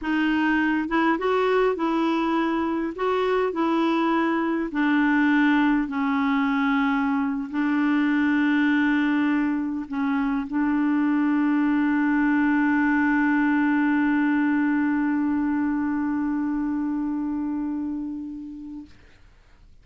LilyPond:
\new Staff \with { instrumentName = "clarinet" } { \time 4/4 \tempo 4 = 102 dis'4. e'8 fis'4 e'4~ | e'4 fis'4 e'2 | d'2 cis'2~ | cis'8. d'2.~ d'16~ |
d'8. cis'4 d'2~ d'16~ | d'1~ | d'1~ | d'1 | }